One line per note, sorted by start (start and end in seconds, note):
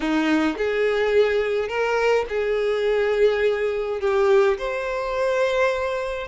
0.00 0.56 D#4
0.57 1.68 G#4
1.68 2.25 A#4
2.29 4.00 G#4
4.00 4.57 G4
4.58 6.27 C5